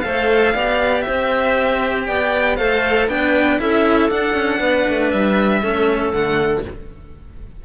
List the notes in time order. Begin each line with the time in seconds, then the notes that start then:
0.00 A3 A4 C5 F5
0.54 B3 G4 D5
1.01 C5 E5
1.08 C4
2.06 B3 D5 G5
2.56 A3 A4 C5 F5
3.07 B3 D4 B4 G5
3.58 C#4 E4 A4 E5
4.09 D4 F#5
4.34 C#4
4.59 B3 B4
4.89 A3
5.10 G3 E5
5.62 A3 C#4 A4
6.12 D3 A3 F#5